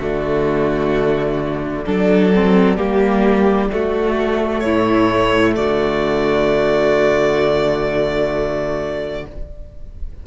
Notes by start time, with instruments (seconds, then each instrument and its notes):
0.00 cello D3, viola A3, violin F#4 D5
1.86 cello F#3, viola D4, violin A4
2.35 viola C4
2.77 cello G3, viola A#3, violin G4
3.70 viola A3, cello A3, violin F#4
4.60 cello A2, violin E4 C#5
5.56 cello D3, violin F#4 D5